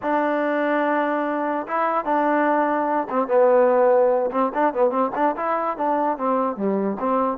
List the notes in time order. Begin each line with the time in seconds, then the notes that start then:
0.02 D4
1.67 E4
2.05 D4
3.09 C4
3.27 B3
4.31 C4
4.54 D4
4.73 B3
4.90 C4
5.15 D4
5.36 E4
5.77 D4
6.17 C4
6.56 G3
6.99 C4